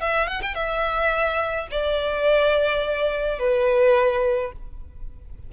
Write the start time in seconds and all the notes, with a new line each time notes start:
0.00 E5
0.27 F#5
0.42 G5
0.54 E5
1.71 D5
3.38 B4